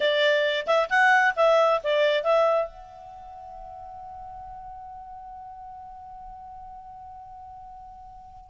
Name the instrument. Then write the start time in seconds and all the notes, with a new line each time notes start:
clarinet
0.00 D5
0.66 E5
0.89 F#5
1.36 E5
1.83 D5
2.23 E5
2.67 F#5